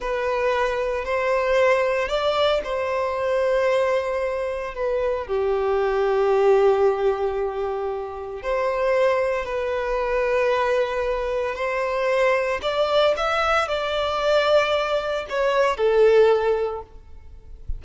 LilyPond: \new Staff \with { instrumentName = "violin" } { \time 4/4 \tempo 4 = 114 b'2 c''2 | d''4 c''2.~ | c''4 b'4 g'2~ | g'1 |
c''2 b'2~ | b'2 c''2 | d''4 e''4 d''2~ | d''4 cis''4 a'2 | }